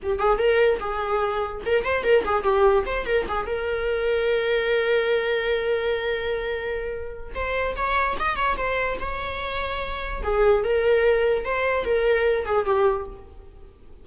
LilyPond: \new Staff \with { instrumentName = "viola" } { \time 4/4 \tempo 4 = 147 g'8 gis'8 ais'4 gis'2 | ais'8 c''8 ais'8 gis'8 g'4 c''8 ais'8 | gis'8 ais'2.~ ais'8~ | ais'1~ |
ais'2 c''4 cis''4 | dis''8 cis''8 c''4 cis''2~ | cis''4 gis'4 ais'2 | c''4 ais'4. gis'8 g'4 | }